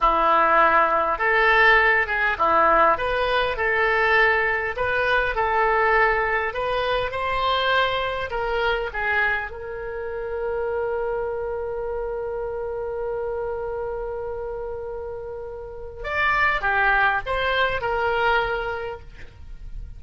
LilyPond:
\new Staff \with { instrumentName = "oboe" } { \time 4/4 \tempo 4 = 101 e'2 a'4. gis'8 | e'4 b'4 a'2 | b'4 a'2 b'4 | c''2 ais'4 gis'4 |
ais'1~ | ais'1~ | ais'2. d''4 | g'4 c''4 ais'2 | }